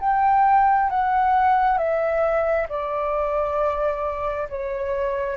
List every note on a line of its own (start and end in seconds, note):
0.00 0.90 G5
0.90 1.77 F#5
1.77 2.67 E5
2.69 4.48 D5
4.49 5.36 C#5